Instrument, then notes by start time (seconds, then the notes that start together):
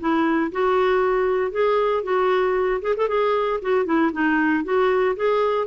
clarinet
0.00 E4
0.52 F#4
1.52 G#4
2.04 F#4
2.82 G#4
2.97 A4
3.09 G#4
3.62 F#4
3.86 E4
4.13 D#4
4.64 F#4
5.17 G#4